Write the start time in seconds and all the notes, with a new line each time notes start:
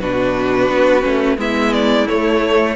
0.00 B2 D4 F#4 B4
0.69 B3
1.02 A3 C#4
1.38 G#3 B3 E4 E5
1.74 D5
2.08 A3 C#5